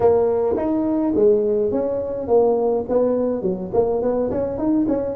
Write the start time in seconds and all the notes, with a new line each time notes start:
0.00 A#3
0.56 D#4
1.15 G#3
1.71 C#4
2.27 A#3
2.88 B3
3.42 F#3
3.73 A#3
4.02 B3
4.30 C#4
4.57 D#4
4.88 C#4